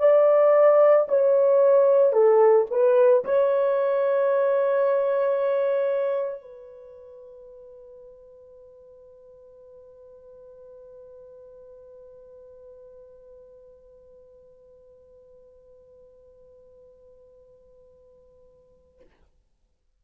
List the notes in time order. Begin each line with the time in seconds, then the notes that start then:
0.00 D5
1.09 C#5
2.13 A4
2.71 B4
3.25 C#5
6.41 B4